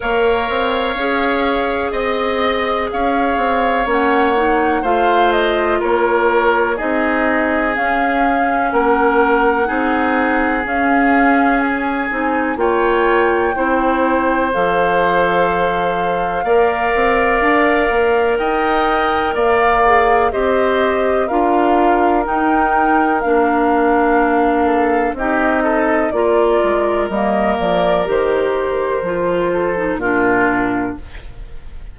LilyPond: <<
  \new Staff \with { instrumentName = "flute" } { \time 4/4 \tempo 4 = 62 f''2 dis''4 f''4 | fis''4 f''8 dis''8 cis''4 dis''4 | f''4 fis''2 f''4 | gis''4 g''2 f''4~ |
f''2. g''4 | f''4 dis''4 f''4 g''4 | f''2 dis''4 d''4 | dis''8 d''8 c''2 ais'4 | }
  \new Staff \with { instrumentName = "oboe" } { \time 4/4 cis''2 dis''4 cis''4~ | cis''4 c''4 ais'4 gis'4~ | gis'4 ais'4 gis'2~ | gis'4 cis''4 c''2~ |
c''4 d''2 dis''4 | d''4 c''4 ais'2~ | ais'4. a'8 g'8 a'8 ais'4~ | ais'2~ ais'8 a'8 f'4 | }
  \new Staff \with { instrumentName = "clarinet" } { \time 4/4 ais'4 gis'2. | cis'8 dis'8 f'2 dis'4 | cis'2 dis'4 cis'4~ | cis'8 dis'8 f'4 e'4 a'4~ |
a'4 ais'2.~ | ais'8 gis'8 g'4 f'4 dis'4 | d'2 dis'4 f'4 | ais4 g'4 f'8. dis'16 d'4 | }
  \new Staff \with { instrumentName = "bassoon" } { \time 4/4 ais8 c'8 cis'4 c'4 cis'8 c'8 | ais4 a4 ais4 c'4 | cis'4 ais4 c'4 cis'4~ | cis'8 c'8 ais4 c'4 f4~ |
f4 ais8 c'8 d'8 ais8 dis'4 | ais4 c'4 d'4 dis'4 | ais2 c'4 ais8 gis8 | g8 f8 dis4 f4 ais,4 | }
>>